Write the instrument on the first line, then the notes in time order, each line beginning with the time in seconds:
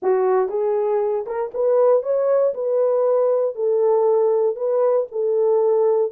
horn
0.02 F#4
0.48 G#4
1.26 A#4
1.53 B4
2.02 C#5
2.54 B4
3.55 A4
4.55 B4
5.11 A4